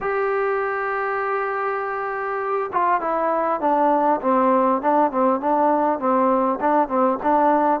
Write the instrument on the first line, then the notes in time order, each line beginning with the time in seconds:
trombone
0.00 G4
2.72 F4
3.00 E4
3.60 D4
4.21 C4
4.81 D4
5.11 C4
5.40 D4
5.99 C4
6.60 D4
6.88 C4
7.22 D4